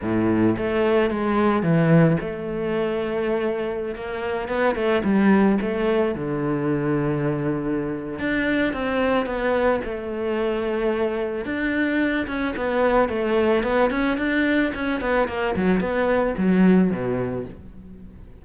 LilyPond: \new Staff \with { instrumentName = "cello" } { \time 4/4 \tempo 4 = 110 a,4 a4 gis4 e4 | a2.~ a16 ais8.~ | ais16 b8 a8 g4 a4 d8.~ | d2. d'4 |
c'4 b4 a2~ | a4 d'4. cis'8 b4 | a4 b8 cis'8 d'4 cis'8 b8 | ais8 fis8 b4 fis4 b,4 | }